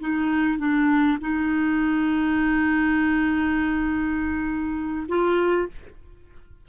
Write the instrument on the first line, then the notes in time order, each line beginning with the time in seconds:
clarinet
0.00 D#4
0.59 D4
1.21 D#4
5.08 F4